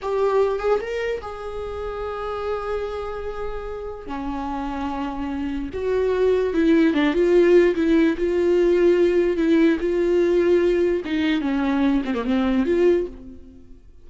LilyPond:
\new Staff \with { instrumentName = "viola" } { \time 4/4 \tempo 4 = 147 g'4. gis'8 ais'4 gis'4~ | gis'1~ | gis'2 cis'2~ | cis'2 fis'2 |
e'4 d'8 f'4. e'4 | f'2. e'4 | f'2. dis'4 | cis'4. c'16 ais16 c'4 f'4 | }